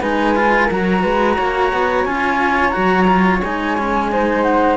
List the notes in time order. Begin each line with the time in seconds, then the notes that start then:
0.00 G#3 D#4 B4 G#5
0.36 F4
0.66 F#3 F#4 A#4 A#5
1.01 G#3 B4
1.37 A#3 C#5
1.73 B3
2.05 C#4 F4 G#5
2.69 F#4 A#5
2.77 F#3
3.08 F4
3.42 G#3 D#4 G#5
3.78 C#4
4.12 D#4 C5
4.42 F#5